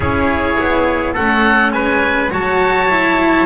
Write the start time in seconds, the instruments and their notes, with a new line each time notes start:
0.00 double bass C#4, cello E4, trumpet G#4, oboe C#5
0.59 double bass B3
1.13 double bass A3, cello C#4, trumpet A4, oboe F#5
1.72 double bass G#3, trumpet B4, oboe G#5
2.30 double bass F#3, cello F#4, trumpet C#5, oboe A5
2.89 cello E4